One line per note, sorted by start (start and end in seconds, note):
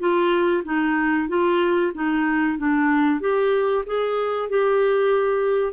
0.00 0.64 F4
0.65 1.29 D#4
1.29 1.93 F4
1.95 2.59 D#4
2.59 3.21 D4
3.21 3.85 G4
3.86 4.50 G#4
4.50 5.74 G4